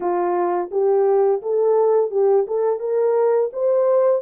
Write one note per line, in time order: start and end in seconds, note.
0.00 0.70 F4
0.71 1.41 G4
1.41 2.10 A4
2.10 2.45 G4
2.47 2.79 A4
2.79 3.50 A#4
3.53 4.22 C5